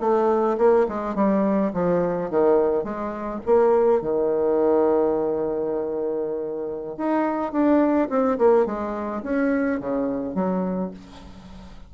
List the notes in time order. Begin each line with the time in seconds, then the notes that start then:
0.00 A3
0.58 A#3
0.88 G#3
1.15 G3
1.73 F3
2.30 D#3
2.83 G#3
3.46 A#3
4.01 D#3
6.97 D#4
7.52 D4
8.09 C4
8.38 A#3
8.66 G#3
9.23 C#4
9.79 C#3
10.34 F#3